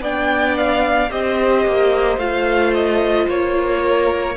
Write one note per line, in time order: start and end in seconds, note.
0.00 1.09 B3
0.00 1.10 D4
0.00 1.10 D5
0.00 0.57 G5
0.57 1.11 F5
1.10 1.65 C4
1.10 2.18 G4
1.10 3.81 C5
1.10 2.19 D#5
1.66 2.17 A#3
2.17 3.27 A3
2.17 4.36 F4
2.17 2.73 F5
2.74 3.28 D#5
3.27 4.36 A#3
3.27 4.37 C#5
3.81 4.35 A#4